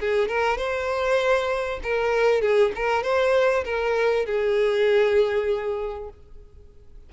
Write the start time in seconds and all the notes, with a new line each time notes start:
0.00 G#4
0.28 A#4
0.57 C5
1.83 A#4
2.41 G#4
2.75 A#4
3.03 C5
3.64 A#4
4.26 G#4